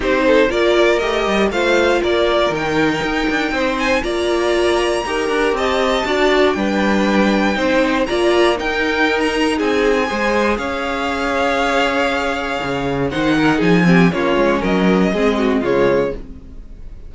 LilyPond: <<
  \new Staff \with { instrumentName = "violin" } { \time 4/4 \tempo 4 = 119 c''4 d''4 dis''4 f''4 | d''4 g''2~ g''8 gis''8 | ais''2. a''4~ | a''4 g''2. |
ais''4 g''4~ g''16 ais''8. gis''4~ | gis''4 f''2.~ | f''2 fis''4 gis''4 | cis''4 dis''2 cis''4 | }
  \new Staff \with { instrumentName = "violin" } { \time 4/4 g'8 a'8 ais'2 c''4 | ais'2. c''4 | d''2 ais'4 dis''4 | d''4 b'2 c''4 |
d''4 ais'2 gis'4 | c''4 cis''2.~ | cis''2 c''8 ais'8 gis'8 g'8 | f'4 ais'4 gis'8 fis'8 f'4 | }
  \new Staff \with { instrumentName = "viola" } { \time 4/4 dis'4 f'4 g'4 f'4~ | f'4 dis'2. | f'2 g'2 | fis'4 d'2 dis'4 |
f'4 dis'2. | gis'1~ | gis'2 dis'4. c'8 | cis'2 c'4 gis4 | }
  \new Staff \with { instrumentName = "cello" } { \time 4/4 c'4 ais4 a8 g8 a4 | ais4 dis4 dis'8 d'8 c'4 | ais2 dis'8 d'8 c'4 | d'4 g2 c'4 |
ais4 dis'2 c'4 | gis4 cis'2.~ | cis'4 cis4 dis4 f4 | ais8 gis8 fis4 gis4 cis4 | }
>>